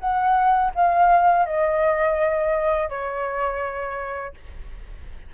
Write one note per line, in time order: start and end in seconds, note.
0.00 0.72 F#5
0.75 1.46 F5
1.46 2.90 D#5
2.90 4.34 C#5